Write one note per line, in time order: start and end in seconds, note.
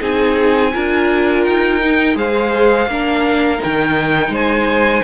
0.00 0.74 C4
0.00 0.72 D#4
0.00 0.72 G#4
0.00 1.45 G#5
0.73 1.46 D4
0.73 1.82 F4
0.73 2.17 A#4
1.45 2.15 D#4
1.45 2.17 G5
1.82 2.15 D#4
2.15 2.87 G#3
2.15 2.87 G#4
2.15 2.90 C5
2.15 3.62 F5
2.87 3.60 A#3
2.87 3.58 D4
2.87 4.32 A#4
3.58 5.03 D#4
3.58 4.34 G5
3.65 4.29 D#3
4.29 5.01 G#3
4.29 5.04 C5
4.29 5.04 G#5